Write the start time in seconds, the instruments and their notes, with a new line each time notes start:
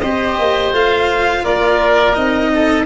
0.00 tuba C4, cello G4, oboe C5, violin D#5
0.38 tuba A#3
0.72 tuba A3, cello F4, violin F5
1.43 tuba A#3, oboe A#4, violin D5
2.14 tuba C4, cello D#4, violin D#5
2.53 oboe A4